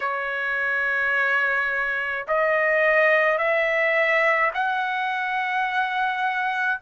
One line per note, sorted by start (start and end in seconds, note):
0.00 2.25 C#5
2.27 3.38 D#5
3.38 4.51 E5
4.53 6.80 F#5